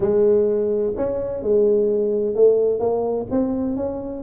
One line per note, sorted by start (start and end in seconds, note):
0.00 0.93 G#3
0.96 1.42 C#4
1.42 2.35 G#3
2.35 2.79 A3
2.79 3.26 A#3
3.30 3.76 C4
3.76 4.23 C#4